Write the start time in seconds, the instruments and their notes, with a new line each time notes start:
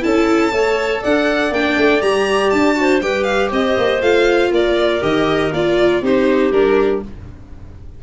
0.00 tuba C#4, viola E4, clarinet A4, violin A5
0.52 tuba A3, viola A4, clarinet C#5
1.01 tuba D4, clarinet D5, violin F#5
1.50 tuba A#3, viola D4, violin G5
1.77 tuba A3
2.01 tuba G3, viola G4, violin A#5
2.49 tuba D4, violin A5
2.75 viola F#4, clarinet C5
3.01 tuba G3, viola G4, clarinet B4, violin G5
3.23 violin F5
3.50 tuba C4, clarinet C5, violin D#5
3.77 tuba A#3
4.01 tuba A3, viola F4, violin F5
4.51 tuba A#3, clarinet A#4, violin D5
5.01 tuba D#3, viola G4, violin D#5
5.51 tuba A#3, viola F4, violin D5
6.01 tuba C4, viola D#4, clarinet G4, violin C5
6.51 tuba G3, viola D4, violin A#4